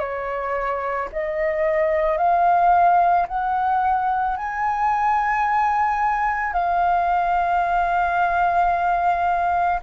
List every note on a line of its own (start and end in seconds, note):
0.00 1.09 C#5
1.13 2.18 D#5
2.18 3.27 F5
3.28 4.37 F#5
4.37 6.53 G#5
6.53 9.80 F5